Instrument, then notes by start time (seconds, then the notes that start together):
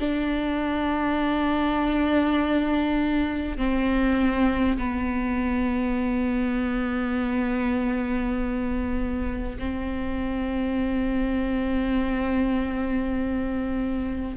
viola
0.00 D4
3.58 C4
4.78 B3
9.59 C4